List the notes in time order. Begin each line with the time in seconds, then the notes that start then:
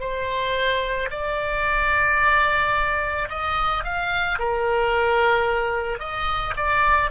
0.00 C5
1.11 D5
3.29 D#5
3.84 F5
4.39 A#4
6.00 D#5
6.56 D5